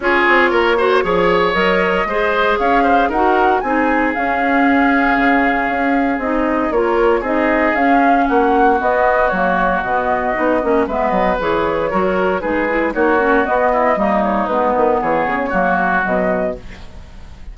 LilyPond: <<
  \new Staff \with { instrumentName = "flute" } { \time 4/4 \tempo 4 = 116 cis''2. dis''4~ | dis''4 f''4 fis''4 gis''4 | f''1 | dis''4 cis''4 dis''4 f''4 |
fis''4 dis''4 cis''4 dis''4~ | dis''4 e''8 dis''8 cis''2 | b'4 cis''4 dis''4. cis''8 | b'4 cis''2 dis''4 | }
  \new Staff \with { instrumentName = "oboe" } { \time 4/4 gis'4 ais'8 c''8 cis''2 | c''4 cis''8 c''8 ais'4 gis'4~ | gis'1~ | gis'4 ais'4 gis'2 |
fis'1~ | fis'4 b'2 ais'4 | gis'4 fis'4. e'8 dis'4~ | dis'4 gis'4 fis'2 | }
  \new Staff \with { instrumentName = "clarinet" } { \time 4/4 f'4. fis'8 gis'4 ais'4 | gis'2 fis'4 dis'4 | cis'1 | dis'4 f'4 dis'4 cis'4~ |
cis'4 b4 ais4 b4 | dis'8 cis'8 b4 gis'4 fis'4 | dis'8 e'8 dis'8 cis'8 b4 ais4 | b2 ais4 fis4 | }
  \new Staff \with { instrumentName = "bassoon" } { \time 4/4 cis'8 c'8 ais4 f4 fis4 | gis4 cis'4 dis'4 c'4 | cis'2 cis4 cis'4 | c'4 ais4 c'4 cis'4 |
ais4 b4 fis4 b,4 | b8 ais8 gis8 fis8 e4 fis4 | gis4 ais4 b4 g4 | gis8 dis8 e8 cis8 fis4 b,4 | }
>>